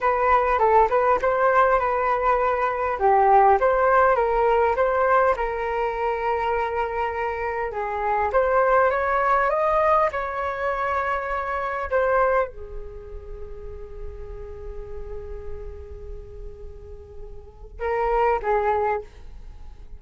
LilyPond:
\new Staff \with { instrumentName = "flute" } { \time 4/4 \tempo 4 = 101 b'4 a'8 b'8 c''4 b'4~ | b'4 g'4 c''4 ais'4 | c''4 ais'2.~ | ais'4 gis'4 c''4 cis''4 |
dis''4 cis''2. | c''4 gis'2.~ | gis'1~ | gis'2 ais'4 gis'4 | }